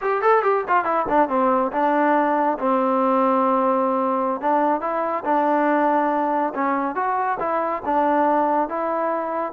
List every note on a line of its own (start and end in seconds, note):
0.01 0.21 G4
0.21 0.42 A4
0.42 0.64 G4
0.68 0.84 F4
0.84 1.05 E4
1.08 1.28 D4
1.28 1.71 C4
1.72 2.58 D4
2.59 4.40 C4
4.40 4.81 D4
4.81 5.23 E4
5.24 6.53 D4
6.54 6.95 C#4
6.95 7.38 F#4
7.39 7.82 E4
7.85 8.68 D4
8.68 9.52 E4